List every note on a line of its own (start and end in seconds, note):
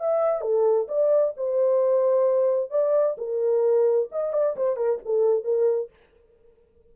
0.00 0.42 E5
0.42 0.87 A4
0.88 1.34 D5
1.37 2.71 C5
2.71 3.17 D5
3.18 4.10 A#4
4.12 4.33 D#5
4.33 4.56 D5
4.57 4.77 C5
4.77 5.00 A#4
5.05 5.44 A4
5.44 5.90 A#4